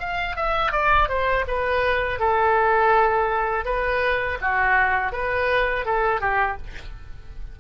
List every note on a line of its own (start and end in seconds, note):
0.00 0.37 F5
0.37 0.72 E5
0.72 1.09 D5
1.09 1.45 C5
1.48 2.20 B4
2.20 3.65 A4
3.65 4.38 B4
4.41 5.13 F#4
5.13 5.86 B4
5.86 6.21 A4
6.21 6.58 G4